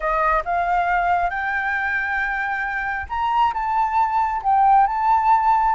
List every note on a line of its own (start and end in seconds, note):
0.00 0.43 D#5
0.45 1.30 F5
1.30 3.06 G5
3.09 3.53 A#5
3.53 4.42 A5
4.42 4.86 G5
4.86 5.75 A5